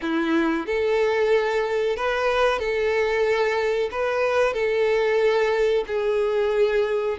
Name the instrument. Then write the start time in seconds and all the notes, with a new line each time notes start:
violin
0.01 E4
0.66 A4
1.96 B4
2.59 A4
3.91 B4
4.53 A4
5.87 G#4